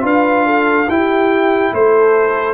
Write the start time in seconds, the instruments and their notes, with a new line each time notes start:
0.00 tuba D4, trombone F4, horn B4, trumpet F5
0.46 horn A4
0.87 tuba E4, trombone E4, horn G4, trumpet G5
1.73 tuba A3, horn A4, trumpet C5